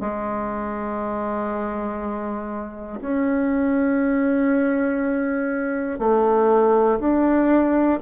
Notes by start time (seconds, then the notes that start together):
0.00 G#3
3.00 C#4
5.99 A3
6.99 D4